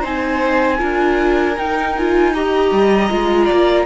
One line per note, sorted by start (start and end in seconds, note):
0.00 0.81 C4
0.00 0.77 D#4
0.00 0.77 C5
0.00 1.58 G#5
0.77 1.57 D4
0.77 1.54 F4
0.77 2.32 A#4
1.57 2.71 D#4
1.57 1.96 D#4
1.57 1.96 G5
1.96 2.34 F4
1.96 2.33 G#5
2.33 3.09 G4
2.33 3.45 D#5
2.33 3.85 A#5
2.71 3.10 G3
3.09 3.50 G#3
3.09 3.85 F4
3.45 3.83 D5
3.51 3.85 A#3